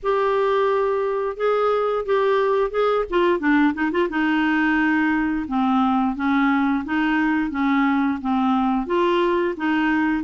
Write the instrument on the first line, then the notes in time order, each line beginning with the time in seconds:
clarinet
0.02 G4
1.36 G#4
2.05 G4
2.71 G#4
3.10 F4
3.39 D4
3.73 D#4
3.91 F4
4.09 D#4
5.47 C4
6.15 C#4
6.84 D#4
7.50 C#4
8.21 C4
8.86 F4
9.56 D#4